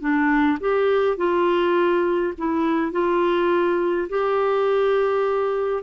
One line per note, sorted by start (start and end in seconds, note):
0.00 0.58 D4
0.60 1.17 G4
1.17 2.33 F4
2.38 2.92 E4
2.92 4.08 F4
4.09 5.83 G4